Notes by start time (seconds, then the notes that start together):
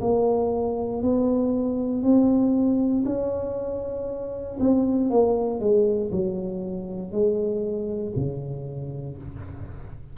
0.00 A#3
1.02 B3
2.02 C4
3.05 C#4
4.59 C4
5.10 A#3
5.59 G#3
6.11 F#3
7.11 G#3
8.15 C#3